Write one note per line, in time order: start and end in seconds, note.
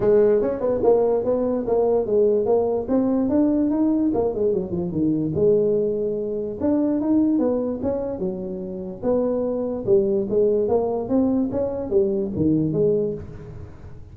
0.00 0.41 G#3
0.41 0.60 C#4
0.60 0.80 B3
0.83 1.24 A#3
1.24 1.65 B3
1.66 2.06 A#3
2.06 2.45 G#3
2.45 2.86 A#3
2.88 3.29 C4
3.29 3.70 D4
3.70 4.11 D#4
4.14 4.34 A#3
4.34 4.53 G#3
4.53 4.71 F#3
4.71 4.91 F3
4.91 5.32 D#3
5.34 6.58 G#3
6.60 7.01 D4
7.01 7.38 D#4
7.38 7.80 B3
7.82 8.19 C#4
8.19 9.01 F#3
9.02 9.85 B3
9.86 10.27 G3
10.29 10.68 G#3
10.68 11.08 A#3
11.08 11.49 C4
11.51 11.90 C#4
11.90 12.31 G3
12.36 12.72 D#3
12.72 13.13 G#3